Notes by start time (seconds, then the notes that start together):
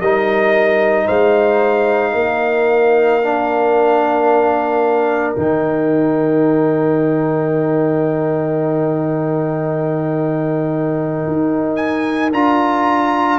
0.00 G3 D#4 A#4 D#5
1.05 G#3 C5 F5
2.13 A#3 A#4
3.23 D4
5.35 D#3 D#4 G5
11.27 D#4
11.76 G#5
12.32 D4 F4 A#5